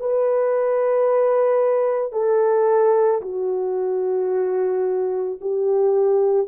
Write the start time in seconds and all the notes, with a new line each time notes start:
0.00 B4
2.12 A4
3.21 F#4
5.41 G4